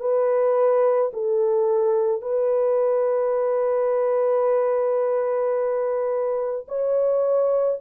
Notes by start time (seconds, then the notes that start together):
0.00 B4
1.13 A4
2.22 B4
6.68 C#5